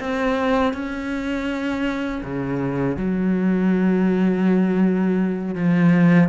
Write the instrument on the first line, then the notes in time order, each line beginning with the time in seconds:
cello
0.00 C4
0.74 C#4
2.24 C#3
2.97 F#3
5.56 F3